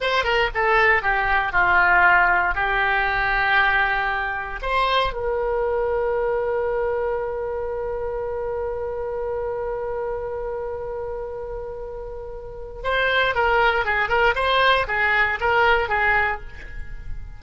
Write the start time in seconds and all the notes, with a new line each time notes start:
0.00 C5
0.24 A#4
0.54 A4
1.02 G4
1.52 F4
2.54 G4
4.62 C5
5.13 A#4
12.83 C5
13.34 A#4
13.85 G#4
14.09 A#4
14.35 C5
14.87 G#4
15.40 A#4
15.88 G#4